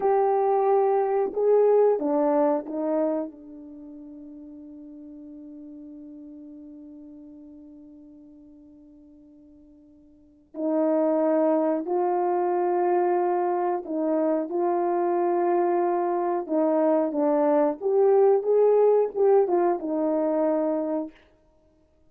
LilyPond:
\new Staff \with { instrumentName = "horn" } { \time 4/4 \tempo 4 = 91 g'2 gis'4 d'4 | dis'4 d'2.~ | d'1~ | d'1 |
dis'2 f'2~ | f'4 dis'4 f'2~ | f'4 dis'4 d'4 g'4 | gis'4 g'8 f'8 dis'2 | }